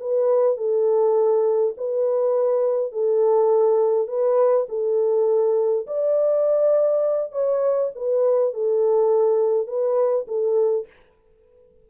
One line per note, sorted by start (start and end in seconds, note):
0.00 0.57 B4
0.57 1.75 A4
1.77 2.92 B4
2.92 4.08 A4
4.08 4.67 B4
4.69 5.87 A4
5.87 7.32 D5
7.32 7.91 C#5
7.95 8.54 B4
8.54 9.67 A4
9.67 10.26 B4
10.28 10.87 A4